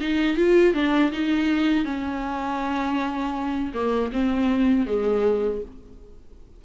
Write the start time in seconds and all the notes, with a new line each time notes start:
0.00 D#4
0.36 F4
0.74 D4
1.12 D#4
1.85 C#4
3.74 A#3
4.12 C4
4.86 G#3